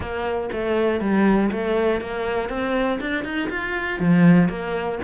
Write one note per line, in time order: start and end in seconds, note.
0.00 0.49 A#3
0.52 1.00 A3
1.00 1.50 G3
1.51 2.00 A3
2.00 2.49 A#3
2.49 2.99 C4
3.00 3.24 D4
3.24 3.49 D#4
3.49 3.99 F4
3.99 4.48 F3
4.48 4.98 A#3